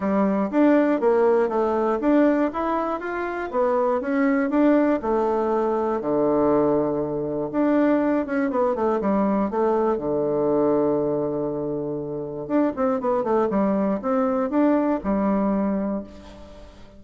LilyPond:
\new Staff \with { instrumentName = "bassoon" } { \time 4/4 \tempo 4 = 120 g4 d'4 ais4 a4 | d'4 e'4 f'4 b4 | cis'4 d'4 a2 | d2. d'4~ |
d'8 cis'8 b8 a8 g4 a4 | d1~ | d4 d'8 c'8 b8 a8 g4 | c'4 d'4 g2 | }